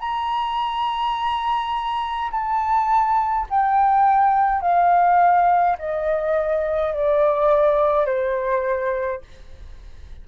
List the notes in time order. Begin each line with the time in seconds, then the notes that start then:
0.00 A#5
2.32 A5
3.50 G5
4.62 F5
5.79 D#5
6.94 D5
8.06 C5